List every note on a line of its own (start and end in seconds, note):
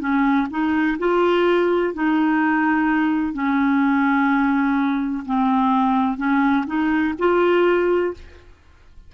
0.00 0.48 C#4
0.50 0.98 D#4
0.99 1.94 F4
1.94 3.33 D#4
3.33 5.24 C#4
5.26 6.18 C4
6.18 6.65 C#4
6.67 7.15 D#4
7.19 8.14 F4